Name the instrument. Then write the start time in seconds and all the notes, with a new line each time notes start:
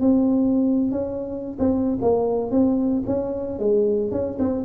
tuba
0.00 C4
0.91 C#4
1.59 C4
2.01 A#3
2.51 C4
3.07 C#4
3.59 G#3
4.11 C#4
4.39 C4